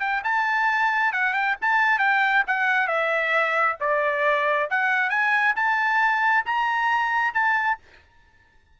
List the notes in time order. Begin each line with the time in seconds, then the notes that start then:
0.00 G5
0.24 A5
1.13 F#5
1.34 G5
1.62 A5
1.99 G5
2.47 F#5
2.88 E5
3.80 D5
4.71 F#5
5.10 G#5
5.56 A5
6.45 A#5
7.34 A5